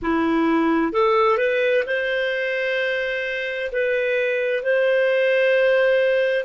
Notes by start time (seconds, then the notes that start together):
0.02 E4
0.92 A4
1.37 B4
1.86 C5
3.72 B4
4.62 C5